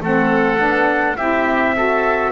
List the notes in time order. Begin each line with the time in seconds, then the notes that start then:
0.00 A3 C4 A4 F#5
0.57 B3 D4
1.17 C4 E4 G4 E5
1.76 F#4 A4